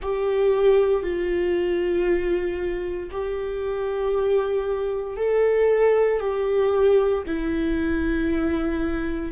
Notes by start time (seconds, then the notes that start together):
0.01 G4
1.03 F4
3.11 G4
5.16 A4
6.20 G4
7.26 E4